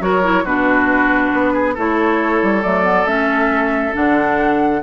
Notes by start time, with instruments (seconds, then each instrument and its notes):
0.00 bassoon F#3, clarinet F#4, oboe A#4, flute C#5
0.23 clarinet E4
0.44 bassoon B2, clarinet D4, oboe F#4, flute B4
1.33 bassoon B3
1.53 oboe G#4
1.74 bassoon A3, clarinet E4, oboe A4, flute C#5
2.43 bassoon G3
2.62 bassoon F#3, clarinet A3, flute D5
2.83 clarinet B3
3.04 bassoon A3, clarinet C#4, flute E5
3.93 bassoon D3, clarinet D4, flute F#5